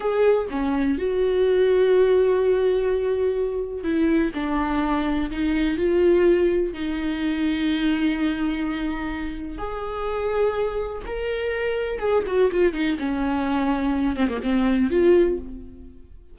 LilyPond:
\new Staff \with { instrumentName = "viola" } { \time 4/4 \tempo 4 = 125 gis'4 cis'4 fis'2~ | fis'1 | e'4 d'2 dis'4 | f'2 dis'2~ |
dis'1 | gis'2. ais'4~ | ais'4 gis'8 fis'8 f'8 dis'8 cis'4~ | cis'4. c'16 ais16 c'4 f'4 | }